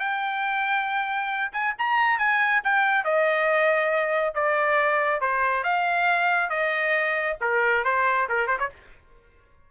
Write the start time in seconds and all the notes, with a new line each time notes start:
0.00 G5
1.53 G#5
1.79 A#5
2.19 G#5
2.64 G5
3.05 D#5
4.35 D5
5.21 C5
5.64 F5
6.50 D#5
7.42 A#4
7.85 C5
8.29 A#4
8.47 C5
8.59 C#5